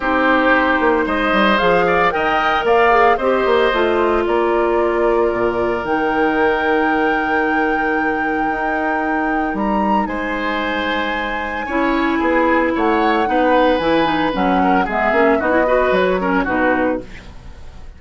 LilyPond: <<
  \new Staff \with { instrumentName = "flute" } { \time 4/4 \tempo 4 = 113 c''2 dis''4 f''4 | g''4 f''4 dis''2 | d''2. g''4~ | g''1~ |
g''2 ais''4 gis''4~ | gis''1 | fis''2 gis''4 fis''4 | e''4 dis''4 cis''4 b'4 | }
  \new Staff \with { instrumentName = "oboe" } { \time 4/4 g'2 c''4. d''8 | dis''4 d''4 c''2 | ais'1~ | ais'1~ |
ais'2. c''4~ | c''2 cis''4 gis'4 | cis''4 b'2~ b'8 ais'8 | gis'4 fis'8 b'4 ais'8 fis'4 | }
  \new Staff \with { instrumentName = "clarinet" } { \time 4/4 dis'2. gis'4 | ais'4. gis'8 g'4 f'4~ | f'2. dis'4~ | dis'1~ |
dis'1~ | dis'2 e'2~ | e'4 dis'4 e'8 dis'8 cis'4 | b8 cis'8 dis'16 e'16 fis'4 cis'8 dis'4 | }
  \new Staff \with { instrumentName = "bassoon" } { \time 4/4 c'4. ais8 gis8 g8 f4 | dis4 ais4 c'8 ais8 a4 | ais2 ais,4 dis4~ | dis1 |
dis'2 g4 gis4~ | gis2 cis'4 b4 | a4 b4 e4 fis4 | gis8 ais8 b4 fis4 b,4 | }
>>